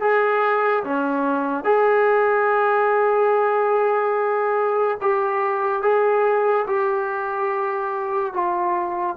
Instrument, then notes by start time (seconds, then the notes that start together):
trombone
0.00 G#4
0.84 C#4
1.64 G#4
5.01 G4
5.82 G#4
6.67 G4
8.33 F4